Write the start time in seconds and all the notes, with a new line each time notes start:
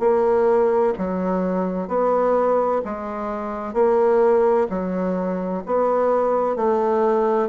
0.00 A#3
0.98 F#3
1.88 B3
2.85 G#3
3.74 A#3
4.70 F#3
5.66 B3
6.56 A3